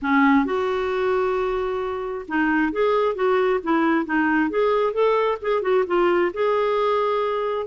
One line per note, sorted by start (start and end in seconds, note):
0.02 0.45 C#4
0.45 2.25 F#4
2.28 2.72 D#4
2.72 3.15 G#4
3.15 3.60 F#4
3.63 4.05 E4
4.05 4.49 D#4
4.49 4.93 G#4
4.93 5.38 A4
5.41 5.61 G#4
5.61 5.84 F#4
5.86 6.32 F4
6.33 7.66 G#4